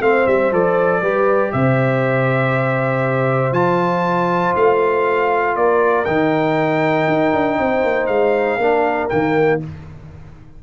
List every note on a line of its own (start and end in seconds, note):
0.00 0.25 A3
0.00 0.52 C4
0.00 1.01 C5
0.00 0.27 F5
0.27 0.52 G3
0.27 0.52 E5
0.52 1.02 F3
0.52 1.02 A4
0.52 1.52 D5
1.01 1.52 G3
1.01 3.53 G4
1.01 1.52 B4
1.52 3.52 C3
1.52 5.57 C5
1.52 3.53 E5
3.52 4.53 F3
3.52 6.06 F4
3.52 4.54 A5
4.56 5.56 A3
4.56 5.56 F5
5.56 6.06 A#3
5.56 7.58 A#4
5.56 6.05 D5
6.05 7.08 D#3
6.05 8.60 D#4
6.05 8.06 G5
7.08 7.33 D#4
7.34 7.59 D4
7.59 7.84 C4
7.59 8.61 C5
7.84 8.08 A#3
8.06 8.58 G#3
8.06 9.07 F5
8.58 9.08 A#3
8.58 9.10 D4
8.58 9.62 A#4
9.09 9.63 D#3
9.09 9.60 A#3
9.09 9.59 G5